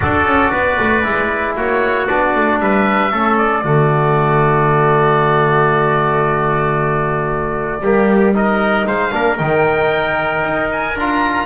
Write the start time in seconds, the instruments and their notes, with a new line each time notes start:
0.00 double bass D4, trombone F#4, trumpet A4, oboe D5
0.25 double bass C#4
0.51 double bass B3, trumpet B4
0.79 double bass A3
1.02 double bass G#3, trombone E4
1.56 double bass A#3, trumpet F#4, oboe C#5
2.07 double bass B3, trombone D4, oboe D5
2.35 double bass A3
2.59 double bass G3, trumpet B4, oboe E5
3.11 double bass A3, trombone C#4, trumpet A4
3.37 oboe D5
3.63 double bass D3, trombone A3, trumpet F#4
7.81 double bass G3, trombone A#3, trumpet G4
8.33 trombone D#4, trumpet A#4, oboe D#5
8.86 double bass G#3, trumpet C5, oboe F5
9.11 double bass A#3, trombone D4, trumpet A#4
9.37 double bass D#3, trombone D#4, oboe G5
10.43 double bass D#4
10.71 oboe G#5
10.95 double bass D4, trombone F4, oboe A#5